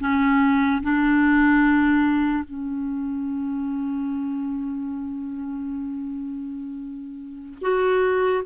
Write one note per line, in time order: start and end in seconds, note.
0.00 0.82 C#4
0.83 2.44 D4
2.44 7.58 C#4
7.61 8.44 F#4